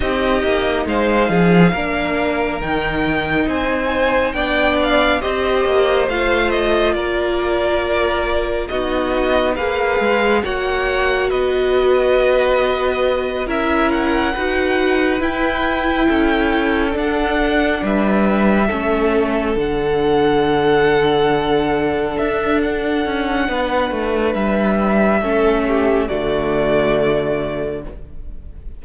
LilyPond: <<
  \new Staff \with { instrumentName = "violin" } { \time 4/4 \tempo 4 = 69 dis''4 f''2 g''4 | gis''4 g''8 f''8 dis''4 f''8 dis''8 | d''2 dis''4 f''4 | fis''4 dis''2~ dis''8 e''8 |
fis''4. g''2 fis''8~ | fis''8 e''2 fis''4.~ | fis''4. e''8 fis''2 | e''2 d''2 | }
  \new Staff \with { instrumentName = "violin" } { \time 4/4 g'4 c''8 gis'8 ais'2 | c''4 d''4 c''2 | ais'2 fis'4 b'4 | cis''4 b'2~ b'8 ais'8~ |
ais'8 b'2 a'4.~ | a'8 b'4 a'2~ a'8~ | a'2. b'4~ | b'4 a'8 g'8 fis'2 | }
  \new Staff \with { instrumentName = "viola" } { \time 4/4 dis'2 d'4 dis'4~ | dis'4 d'4 g'4 f'4~ | f'2 dis'4 gis'4 | fis'2.~ fis'8 e'8~ |
e'8 fis'4 e'2 d'8~ | d'4. cis'4 d'4.~ | d'1~ | d'4 cis'4 a2 | }
  \new Staff \with { instrumentName = "cello" } { \time 4/4 c'8 ais8 gis8 f8 ais4 dis4 | c'4 b4 c'8 ais8 a4 | ais2 b4 ais8 gis8 | ais4 b2~ b8 cis'8~ |
cis'8 dis'4 e'4 cis'4 d'8~ | d'8 g4 a4 d4.~ | d4. d'4 cis'8 b8 a8 | g4 a4 d2 | }
>>